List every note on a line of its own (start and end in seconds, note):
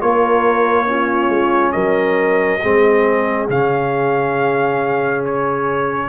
0.00 1.29 A#3
0.00 0.86 F4
0.00 0.89 A#4
0.00 1.72 C#5
0.86 2.59 C#4
0.86 1.73 F4
1.29 1.72 G#3
1.72 2.62 F#3
1.72 2.60 A#4
1.72 3.45 D#5
2.61 3.49 G#3
2.61 3.50 C4
2.61 6.08 G#4
3.49 6.08 C#3
3.49 6.08 C#4
3.49 5.24 F5
5.25 6.08 C#5